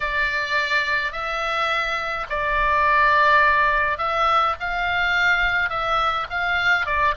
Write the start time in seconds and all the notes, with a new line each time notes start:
0.00 D5
1.12 E5
2.29 D5
3.97 E5
4.60 F5
5.69 E5
6.30 F5
6.85 D5